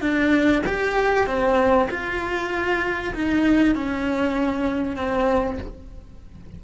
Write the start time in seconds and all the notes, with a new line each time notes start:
0.00 D4
0.66 G4
1.26 C4
1.90 F4
3.14 D#4
3.75 C#4
4.96 C4